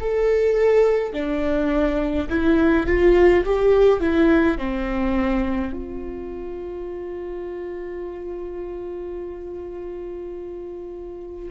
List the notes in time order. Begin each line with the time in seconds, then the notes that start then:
0.00 A4
1.13 D4
2.29 E4
2.86 F4
3.44 G4
4.00 E4
4.57 C4
5.73 F4